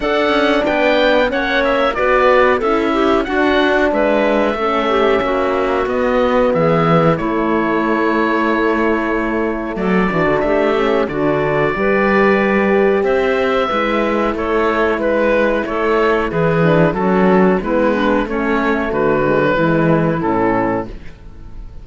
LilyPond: <<
  \new Staff \with { instrumentName = "oboe" } { \time 4/4 \tempo 4 = 92 fis''4 g''4 fis''8 e''8 d''4 | e''4 fis''4 e''2~ | e''4 dis''4 e''4 cis''4~ | cis''2. d''4 |
e''4 d''2. | e''2 cis''4 b'4 | cis''4 b'4 a'4 b'4 | cis''4 b'2 a'4 | }
  \new Staff \with { instrumentName = "clarinet" } { \time 4/4 a'4 b'4 cis''4 b'4 | a'8 g'8 fis'4 b'4 a'8 g'8 | fis'2 gis'4 e'4~ | e'2. a'8 fis'8 |
g'4 fis'4 b'2 | c''4 b'4 a'4 b'4 | a'4 gis'4 fis'4 e'8 d'8 | cis'4 fis'4 e'2 | }
  \new Staff \with { instrumentName = "horn" } { \time 4/4 d'2 cis'4 fis'4 | e'4 d'2 cis'4~ | cis'4 b2 a4~ | a2.~ a8 d'8~ |
d'8 cis'8 d'4 g'2~ | g'4 e'2.~ | e'4. d'8 cis'4 b4 | a4. gis16 fis16 gis4 cis'4 | }
  \new Staff \with { instrumentName = "cello" } { \time 4/4 d'8 cis'8 b4 ais4 b4 | cis'4 d'4 gis4 a4 | ais4 b4 e4 a4~ | a2. fis8 e16 d16 |
a4 d4 g2 | c'4 gis4 a4 gis4 | a4 e4 fis4 gis4 | a4 d4 e4 a,4 | }
>>